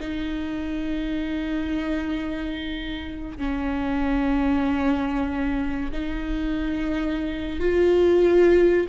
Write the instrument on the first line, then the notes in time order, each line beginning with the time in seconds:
viola
0.00 D#4
3.38 C#4
5.92 D#4
7.60 F4